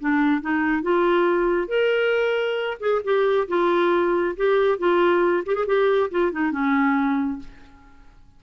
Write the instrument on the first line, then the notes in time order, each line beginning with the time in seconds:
clarinet
0.00 D4
0.41 D#4
0.82 F4
1.68 A#4
2.80 G#4
3.04 G4
3.48 F4
4.36 G4
4.78 F4
5.46 G4
5.55 G#4
5.66 G4
6.11 F4
6.32 D#4
6.52 C#4